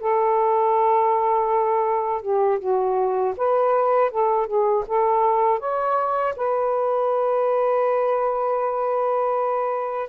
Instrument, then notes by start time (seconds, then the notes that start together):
saxophone
0.00 A4
2.22 G4
2.59 F#4
3.37 B4
4.11 A4
4.47 G#4
4.88 A4
5.59 C#5
6.36 B4